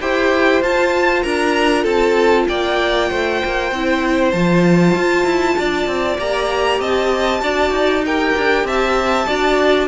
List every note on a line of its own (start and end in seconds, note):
0.00 0.62 E4
0.00 0.63 G4
0.00 1.23 C5
0.00 0.62 G5
0.62 1.23 F4
0.62 3.73 F4
0.62 1.22 A5
1.22 1.84 D4
1.22 1.82 A#4
1.22 1.84 A#5
1.82 2.46 C4
1.82 2.44 A4
1.82 2.47 A5
2.47 3.10 A#3
2.47 3.09 D5
2.47 4.31 G5
3.09 3.42 A3
3.09 5.56 C5
3.45 3.71 A#3
3.71 4.33 C4
3.71 4.34 E4
4.31 4.94 F3
4.31 6.19 F4
4.31 6.17 A5
4.94 5.25 F4
5.25 5.56 E4
5.58 5.87 D4
5.58 6.79 D5
5.87 6.18 C4
6.18 6.79 A#3
6.18 7.41 G4
6.18 6.81 A#5
6.79 7.41 C4
6.79 7.41 D#5
6.79 8.04 A5
7.41 7.70 D4
7.41 8.03 F#4
7.41 8.05 D5
7.70 8.32 D#4
8.05 9.26 G4
8.05 8.66 A#4
8.05 8.67 G5
8.37 8.64 D4
8.64 9.25 C4
8.64 9.27 E5
8.64 9.87 A5
9.26 9.87 D4
9.26 9.87 F#4
9.26 9.87 D5